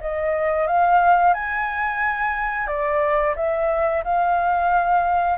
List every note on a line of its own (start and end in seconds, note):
0.00 0.66 D#5
0.66 1.34 F5
1.34 2.67 G#5
2.67 3.34 D5
3.36 4.03 E5
4.04 5.38 F5